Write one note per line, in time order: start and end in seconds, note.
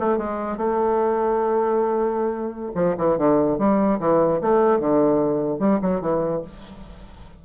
0.00 0.18 A3
0.18 0.58 G#3
0.58 2.72 A3
2.75 2.96 F3
2.98 3.18 E3
3.18 3.59 D3
3.59 3.99 G3
4.00 4.41 E3
4.42 4.80 A3
4.80 5.60 D3
5.60 5.80 G3
5.82 6.01 F#3
6.01 6.42 E3